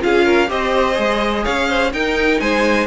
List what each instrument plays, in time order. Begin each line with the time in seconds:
0.00 cello C#4, viola F4, violin G#4 F5
0.25 violin A#4
0.48 cello C4, viola G4, violin C5 D#5
0.93 cello G#3, viola G#4
1.43 cello C#4, violin C#5 F5
1.68 violin C5
1.93 viola D#4, cello D#4, violin A#4 G5
2.39 cello G#3, violin C5 G#5